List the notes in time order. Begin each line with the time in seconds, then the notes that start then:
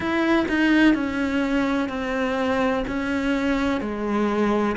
0.00 E4
0.48 D#4
0.94 C#4
1.88 C4
2.87 C#4
3.81 G#3